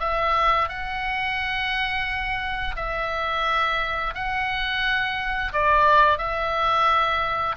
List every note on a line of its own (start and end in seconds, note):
0.00 0.69 E5
0.69 2.76 F#5
2.76 4.14 E5
4.15 5.52 F#5
5.53 6.18 D5
6.18 7.56 E5